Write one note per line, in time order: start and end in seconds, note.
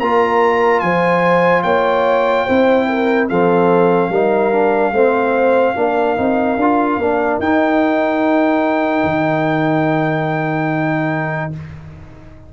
0.00 0.82 A#3
0.00 2.49 F4
0.00 0.83 A#4
0.00 0.80 A#5
0.80 1.64 F3
0.80 1.64 C5
0.80 1.62 G#5
1.63 2.46 A#3
1.63 2.46 C#5
1.63 3.27 G5
2.46 3.30 C4
2.46 3.30 E4
2.46 2.87 C5
2.89 3.29 A#4
3.29 4.10 F3
3.29 4.11 C4
3.29 4.11 A4
3.29 7.40 F5
4.10 4.92 G3
4.10 4.52 D#4
4.10 4.93 A#4
4.52 4.93 D4
4.92 5.75 A3
4.92 5.76 C4
4.92 5.76 C5
5.76 6.18 A#3
5.76 6.17 D4
5.76 11.51 A#4
6.17 6.57 C4
6.17 6.58 D#4
6.57 6.98 D4
6.57 7.02 F4
6.98 7.39 A#3
6.98 7.42 D4
7.39 9.03 D#4
7.39 11.53 D#4
7.39 11.52 G5
9.04 11.50 D#3